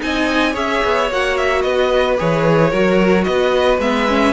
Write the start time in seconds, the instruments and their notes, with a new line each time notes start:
0.00 cello C4, viola D#4, violin D#5 G#5
0.53 cello C#4, viola G#4, violin C#5 E5
0.84 cello B3
1.11 cello A#3, viola F#4, violin F#5
1.38 violin E5
1.62 cello B3, violin B4 D#5
2.18 cello E3, viola G#4, violin C#5
2.71 cello F#3, viola F#4, violin A#4
3.24 cello B3, violin B4 D#5
3.79 cello G#3, viola B3, violin E5
4.09 viola C#4